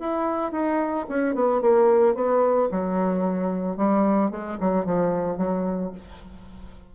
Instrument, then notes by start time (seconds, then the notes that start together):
bassoon
0.00 E4
0.52 D#4
1.09 C#4
1.35 B3
1.61 A#3
2.15 B3
2.72 F#3
3.77 G3
4.31 G#3
4.60 F#3
4.86 F3
5.38 F#3